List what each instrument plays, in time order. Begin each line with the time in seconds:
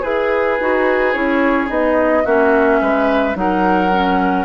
0.00 bassoon E4, oboe G#4, clarinet G#4, flute B4
0.60 bassoon D#4, clarinet F#4
1.13 bassoon C#4, clarinet E4, flute C#5
1.67 bassoon B3, clarinet D#4, flute D#5
2.24 bassoon A#3, clarinet C#4, oboe F#4, flute E5
2.81 bassoon G#3, oboe B4
3.34 bassoon F#3, clarinet D#4, oboe A#4, flute F#5
3.92 clarinet C#4